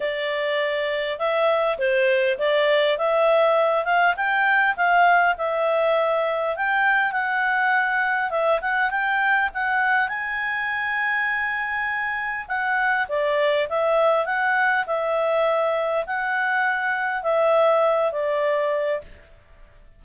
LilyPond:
\new Staff \with { instrumentName = "clarinet" } { \time 4/4 \tempo 4 = 101 d''2 e''4 c''4 | d''4 e''4. f''8 g''4 | f''4 e''2 g''4 | fis''2 e''8 fis''8 g''4 |
fis''4 gis''2.~ | gis''4 fis''4 d''4 e''4 | fis''4 e''2 fis''4~ | fis''4 e''4. d''4. | }